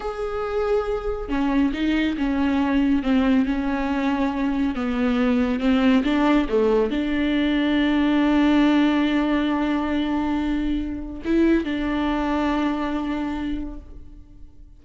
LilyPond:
\new Staff \with { instrumentName = "viola" } { \time 4/4 \tempo 4 = 139 gis'2. cis'4 | dis'4 cis'2 c'4 | cis'2. b4~ | b4 c'4 d'4 a4 |
d'1~ | d'1~ | d'2 e'4 d'4~ | d'1 | }